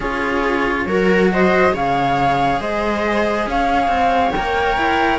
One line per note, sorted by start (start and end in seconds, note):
0.00 0.86 C#4
0.00 0.87 F4
0.00 0.87 G#4
0.00 1.31 C#5
0.86 1.73 F#3
0.86 1.71 F#4
0.86 1.32 A#4
1.32 1.73 C5
1.32 1.75 D#5
1.71 2.59 C#3
1.71 4.32 G#4
1.71 2.59 C#5
1.71 2.61 F5
2.59 3.46 G#3
2.59 3.46 C5
2.59 3.47 D#5
3.46 3.87 C#4
3.46 5.18 C#5
3.46 4.31 F5
3.87 4.31 C4
4.31 4.77 A#3
4.31 5.18 A#4
4.31 5.18 G5
4.77 5.18 E4